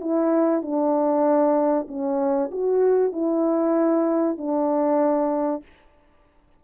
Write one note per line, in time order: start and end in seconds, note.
0.00 0.62 E4
0.62 1.87 D4
1.88 2.50 C#4
2.51 3.12 F#4
3.12 4.37 E4
4.38 5.62 D4